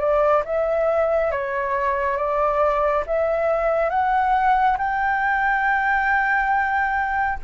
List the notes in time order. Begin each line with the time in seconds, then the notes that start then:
0.00 D5
0.45 E5
1.32 C#5
2.17 D5
3.07 E5
3.91 F#5
4.78 G5